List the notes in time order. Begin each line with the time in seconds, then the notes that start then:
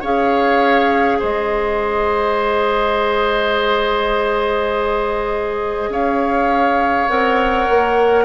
0.00 C#4 G#4 C#5 F5
1.19 G#3 C5 D#5
5.88 C#4 C#5 F5
7.08 C4 A#4 F#5
7.69 A#3